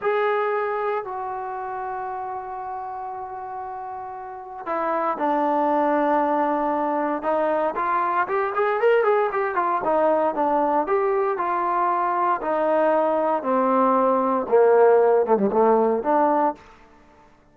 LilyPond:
\new Staff \with { instrumentName = "trombone" } { \time 4/4 \tempo 4 = 116 gis'2 fis'2~ | fis'1~ | fis'4 e'4 d'2~ | d'2 dis'4 f'4 |
g'8 gis'8 ais'8 gis'8 g'8 f'8 dis'4 | d'4 g'4 f'2 | dis'2 c'2 | ais4. a16 g16 a4 d'4 | }